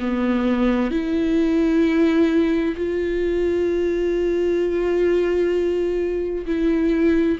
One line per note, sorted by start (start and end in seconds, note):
0.00 0.91 B3
0.91 2.75 E4
2.76 6.45 F4
6.46 7.38 E4